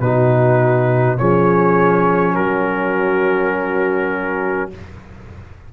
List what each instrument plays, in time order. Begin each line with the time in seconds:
0.00 tuba B2, trombone D#4, horn F#4, trumpet B4
1.18 tuba F3, trombone C#4, horn G#4, trumpet C#5
2.34 tuba F#3, horn F#4, trumpet A#4